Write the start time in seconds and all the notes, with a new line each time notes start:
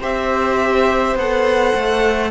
0.00 C4 G4 C5 E5
1.15 B3 A4 F#5
1.75 A3